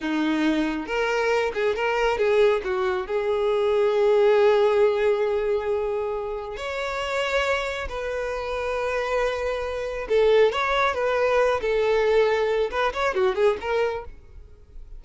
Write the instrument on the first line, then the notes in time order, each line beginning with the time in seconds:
violin
0.01 D#4
0.86 A#4
1.54 G#4
1.75 A#4
2.17 G#4
2.64 F#4
3.06 G#4
6.56 C#5
7.88 B4
10.08 A4
10.51 C#5
10.94 B4
11.61 A4
12.70 B4
12.93 C#5
13.14 F#4
13.35 G#4
13.61 A#4